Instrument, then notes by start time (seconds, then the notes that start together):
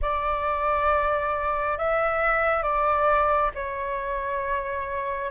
flute
0.01 D5
1.78 E5
2.62 D5
3.55 C#5